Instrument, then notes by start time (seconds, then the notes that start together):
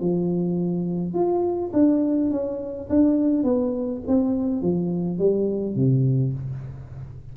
tuba
0.00 F3
1.13 F4
1.72 D4
2.30 C#4
2.89 D4
3.43 B3
4.07 C4
4.62 F3
5.18 G3
5.75 C3